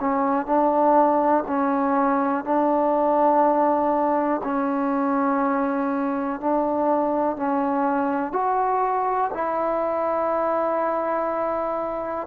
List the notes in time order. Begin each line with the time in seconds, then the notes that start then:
0.00 C#4
0.46 D4
1.47 C#4
2.44 D4
4.44 C#4
6.40 D4
7.36 C#4
8.32 F#4
9.34 E4